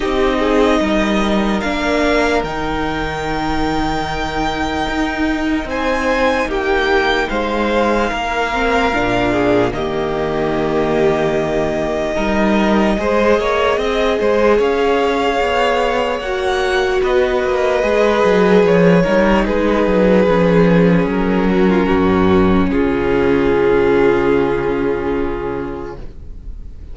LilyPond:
<<
  \new Staff \with { instrumentName = "violin" } { \time 4/4 \tempo 4 = 74 dis''2 f''4 g''4~ | g''2. gis''4 | g''4 f''2. | dis''1~ |
dis''2 f''2 | fis''4 dis''2 cis''4 | b'2 ais'2 | gis'1 | }
  \new Staff \with { instrumentName = "violin" } { \time 4/4 g'8 gis'8 ais'2.~ | ais'2. c''4 | g'4 c''4 ais'4. gis'8 | g'2. ais'4 |
c''8 cis''8 dis''8 c''8 cis''2~ | cis''4 b'2~ b'8 ais'8 | gis'2~ gis'8 fis'16 f'16 fis'4 | f'1 | }
  \new Staff \with { instrumentName = "viola" } { \time 4/4 dis'2 d'4 dis'4~ | dis'1~ | dis'2~ dis'8 c'8 d'4 | ais2. dis'4 |
gis'1 | fis'2 gis'4. dis'8~ | dis'4 cis'2.~ | cis'1 | }
  \new Staff \with { instrumentName = "cello" } { \time 4/4 c'4 g4 ais4 dis4~ | dis2 dis'4 c'4 | ais4 gis4 ais4 ais,4 | dis2. g4 |
gis8 ais8 c'8 gis8 cis'4 b4 | ais4 b8 ais8 gis8 fis8 f8 g8 | gis8 fis8 f4 fis4 fis,4 | cis1 | }
>>